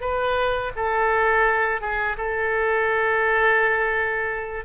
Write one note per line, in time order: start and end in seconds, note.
0.00 0.71 B4
0.76 1.81 A4
1.81 2.16 G#4
2.17 4.65 A4